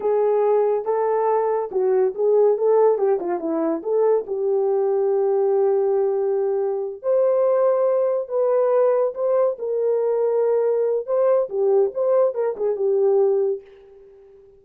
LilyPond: \new Staff \with { instrumentName = "horn" } { \time 4/4 \tempo 4 = 141 gis'2 a'2 | fis'4 gis'4 a'4 g'8 f'8 | e'4 a'4 g'2~ | g'1~ |
g'8 c''2. b'8~ | b'4. c''4 ais'4.~ | ais'2 c''4 g'4 | c''4 ais'8 gis'8 g'2 | }